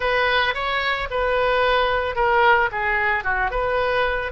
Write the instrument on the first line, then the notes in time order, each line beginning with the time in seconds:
oboe
0.00 B4
0.54 C#5
1.10 B4
2.15 A#4
2.71 G#4
3.23 F#4
3.51 B4